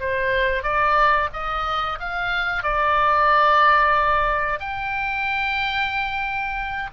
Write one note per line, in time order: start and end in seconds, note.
0.00 0.63 C5
0.63 1.29 D5
1.33 1.99 D#5
2.00 2.63 F5
2.63 4.59 D5
4.59 6.90 G5